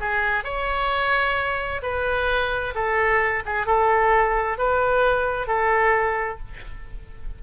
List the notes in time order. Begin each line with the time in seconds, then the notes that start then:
0.00 G#4
0.44 C#5
1.82 B4
2.75 A4
3.46 G#4
3.66 A4
4.58 B4
5.47 A4